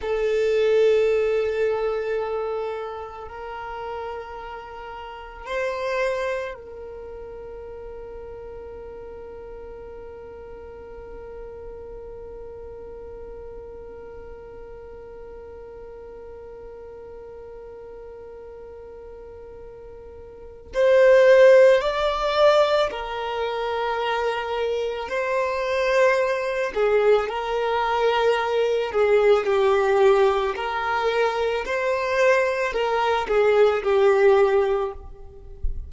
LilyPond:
\new Staff \with { instrumentName = "violin" } { \time 4/4 \tempo 4 = 55 a'2. ais'4~ | ais'4 c''4 ais'2~ | ais'1~ | ais'1~ |
ais'2. c''4 | d''4 ais'2 c''4~ | c''8 gis'8 ais'4. gis'8 g'4 | ais'4 c''4 ais'8 gis'8 g'4 | }